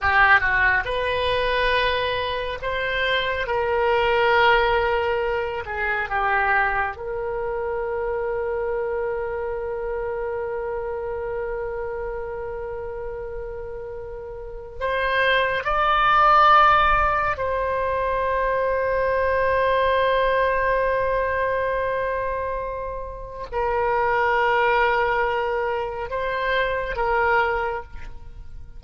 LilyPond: \new Staff \with { instrumentName = "oboe" } { \time 4/4 \tempo 4 = 69 g'8 fis'8 b'2 c''4 | ais'2~ ais'8 gis'8 g'4 | ais'1~ | ais'1~ |
ais'4 c''4 d''2 | c''1~ | c''2. ais'4~ | ais'2 c''4 ais'4 | }